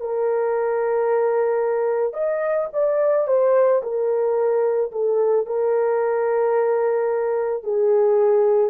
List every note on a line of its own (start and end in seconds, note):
0.00 2.13 A#4
2.13 2.68 D#5
2.73 3.27 D5
3.27 3.82 C5
3.82 4.91 A#4
4.92 5.46 A4
5.46 7.64 A#4
7.64 8.70 G#4